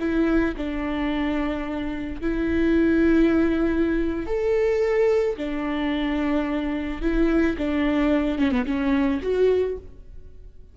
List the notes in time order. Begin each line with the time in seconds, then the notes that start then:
0.00 E4
0.57 D4
2.22 E4
4.27 A4
5.37 D4
7.02 E4
7.58 D4
8.39 C#4
8.52 B3
8.66 C#4
9.23 F#4